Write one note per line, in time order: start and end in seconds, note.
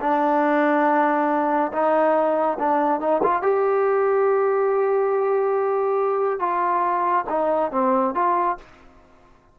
0.00 1.71 D4
1.72 2.58 D#4
2.59 3.00 D4
3.00 3.21 D#4
3.23 3.42 F4
3.42 6.39 G4
6.39 7.25 F4
7.29 7.71 D#4
7.71 8.14 C4
8.14 8.57 F4